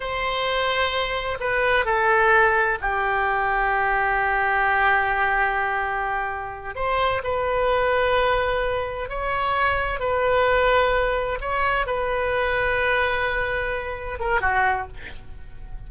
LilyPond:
\new Staff \with { instrumentName = "oboe" } { \time 4/4 \tempo 4 = 129 c''2. b'4 | a'2 g'2~ | g'1~ | g'2~ g'8 c''4 b'8~ |
b'2.~ b'8 cis''8~ | cis''4. b'2~ b'8~ | b'8 cis''4 b'2~ b'8~ | b'2~ b'8 ais'8 fis'4 | }